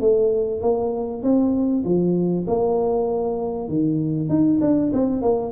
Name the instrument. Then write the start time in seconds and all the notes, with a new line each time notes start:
tuba
0.00 A3
0.61 A#3
1.22 C4
1.84 F3
2.47 A#3
3.68 D#3
4.29 D#4
4.61 D4
4.93 C4
5.22 A#3